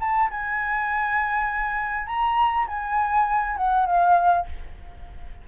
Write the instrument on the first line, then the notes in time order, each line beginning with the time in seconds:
flute
0.00 A5
0.30 G#5
2.07 A#5
2.67 G#5
3.57 F#5
3.86 F5